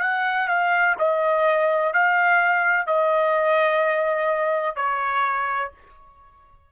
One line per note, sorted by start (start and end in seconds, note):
0.00 0.47 F#5
0.47 0.95 F5
0.98 1.93 D#5
1.93 2.86 F5
2.86 4.76 D#5
4.76 5.71 C#5